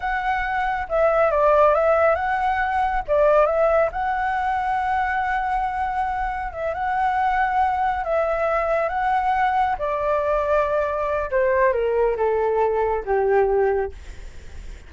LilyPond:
\new Staff \with { instrumentName = "flute" } { \time 4/4 \tempo 4 = 138 fis''2 e''4 d''4 | e''4 fis''2 d''4 | e''4 fis''2.~ | fis''2. e''8 fis''8~ |
fis''2~ fis''8 e''4.~ | e''8 fis''2 d''4.~ | d''2 c''4 ais'4 | a'2 g'2 | }